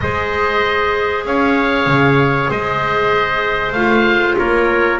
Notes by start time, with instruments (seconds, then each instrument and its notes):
0.00 double bass G#3, clarinet G#4, trumpet C5, oboe D#5
1.25 double bass C#4, trumpet C#5, oboe F5
1.86 double bass C#3
2.50 double bass G#3, trumpet C5, oboe D#5
3.72 double bass A3, clarinet F4, oboe F5
4.37 double bass A#3, trumpet A#4, oboe C#5